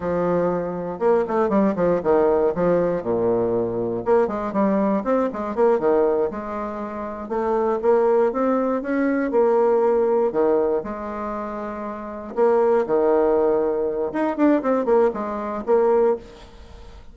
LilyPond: \new Staff \with { instrumentName = "bassoon" } { \time 4/4 \tempo 4 = 119 f2 ais8 a8 g8 f8 | dis4 f4 ais,2 | ais8 gis8 g4 c'8 gis8 ais8 dis8~ | dis8 gis2 a4 ais8~ |
ais8 c'4 cis'4 ais4.~ | ais8 dis4 gis2~ gis8~ | gis8 ais4 dis2~ dis8 | dis'8 d'8 c'8 ais8 gis4 ais4 | }